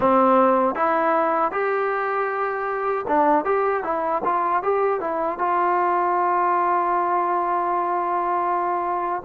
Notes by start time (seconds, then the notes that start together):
0.00 C4
0.75 E4
1.51 G4
3.07 D4
3.44 G4
3.83 E4
4.24 F4
4.63 G4
5.00 E4
5.38 F4